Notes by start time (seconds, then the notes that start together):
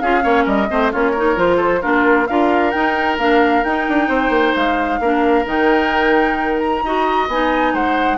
0.00 C#4 F4 G#4 F5
0.22 A#3 C#4 C#5
0.44 G3 A#4 D#5
0.69 A3 C4 C5
0.92 A#3 C#4 F4 C#5
1.11 D#4 A#4
1.35 F3 F4 C5
1.56 A4
1.82 A#3 D4 F4 A#4
2.27 D4 F4 A#4 F5
2.71 D#4 G5
3.18 A#3 D4 F5
3.64 D#4 G5
3.89 D4
4.08 C4 C5
4.29 A#3
4.55 G#3 F5
5.00 A#3 D4 A#4
5.45 D#3 D#4 G5
6.59 A#5
6.83 D#4 F#4 D#5
7.28 B3 D#4 G#5
7.73 G#3 C5 F#5